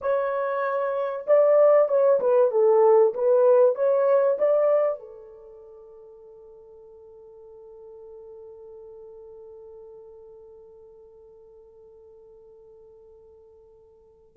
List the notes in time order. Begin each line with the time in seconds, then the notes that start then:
0.01 C#5
1.26 D5
1.88 C#5
2.19 B4
2.51 A4
3.14 B4
3.75 C#5
4.38 D5
4.99 A4